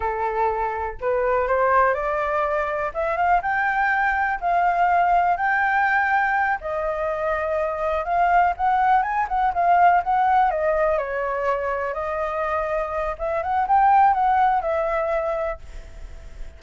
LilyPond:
\new Staff \with { instrumentName = "flute" } { \time 4/4 \tempo 4 = 123 a'2 b'4 c''4 | d''2 e''8 f''8 g''4~ | g''4 f''2 g''4~ | g''4. dis''2~ dis''8~ |
dis''8 f''4 fis''4 gis''8 fis''8 f''8~ | f''8 fis''4 dis''4 cis''4.~ | cis''8 dis''2~ dis''8 e''8 fis''8 | g''4 fis''4 e''2 | }